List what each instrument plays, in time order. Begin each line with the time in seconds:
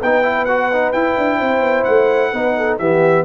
0.00 tuba B3, trombone D#4, horn B4, trumpet G5
0.23 trombone E4
0.45 trombone F#4, trumpet F#5
0.73 trombone D#4
0.93 tuba E4, trombone E4, trumpet G5
1.18 tuba D4
1.39 tuba C4, horn C5
1.61 tuba B3
1.84 tuba A3, trumpet F#5
2.33 tuba B3, trombone D#4, horn B4
2.57 horn A4
2.79 tuba E3, trombone B3, horn G4, trumpet E5